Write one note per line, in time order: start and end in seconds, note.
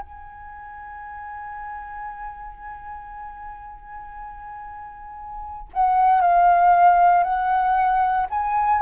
0.00 5.69 G#5
5.73 6.21 F#5
6.21 7.23 F5
7.23 8.27 F#5
8.30 8.82 G#5